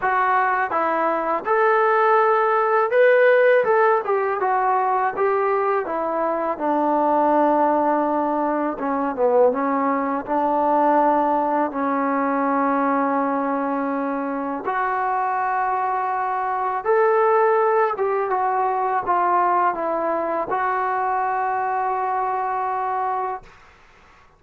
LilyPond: \new Staff \with { instrumentName = "trombone" } { \time 4/4 \tempo 4 = 82 fis'4 e'4 a'2 | b'4 a'8 g'8 fis'4 g'4 | e'4 d'2. | cis'8 b8 cis'4 d'2 |
cis'1 | fis'2. a'4~ | a'8 g'8 fis'4 f'4 e'4 | fis'1 | }